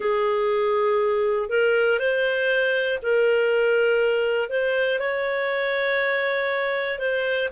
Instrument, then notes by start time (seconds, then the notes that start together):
clarinet
0.00 G#4
1.49 A#4
1.99 C5
3.02 A#4
4.49 C5
4.99 C#5
6.98 C5